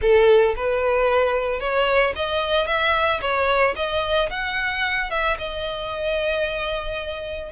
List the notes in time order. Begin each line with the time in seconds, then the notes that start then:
0.01 A4
0.56 B4
1.59 C#5
2.15 D#5
2.66 E5
3.21 C#5
3.76 D#5
4.30 F#5
5.10 E5
5.38 D#5